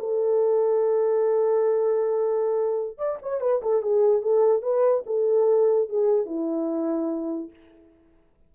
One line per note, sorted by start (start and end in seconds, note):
0.00 2.98 A4
2.98 3.19 D5
3.23 3.41 C#5
3.41 3.62 B4
3.63 3.83 A4
3.83 4.22 G#4
4.22 4.63 A4
4.63 5.04 B4
5.07 5.89 A4
5.89 6.26 G#4
6.26 7.50 E4